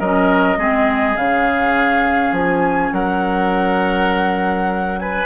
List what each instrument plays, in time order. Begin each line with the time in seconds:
0.00 bassoon F#3, clarinet C#4, oboe A#4, flute D#5
0.58 bassoon G#3, clarinet C4, oboe G#4
1.16 bassoon C#3, clarinet C#4, flute F5
2.32 bassoon F3, flute G#5
2.92 bassoon F#3, oboe A#4, flute F#5
4.99 oboe B4, flute G#5